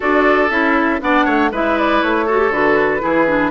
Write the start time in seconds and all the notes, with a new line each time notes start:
0.00 D4 F#4 A4 D5
0.50 C#4 E4 E5
1.00 B3 D4 D5 F#5
1.25 A3 C#5
1.51 G#3 E4 B4 E5
1.78 D5
2.02 A3 C#5
2.26 F#4 A4
2.38 G4
2.49 D3 F#4 B4
3.00 E3 E4 G#4
3.26 D4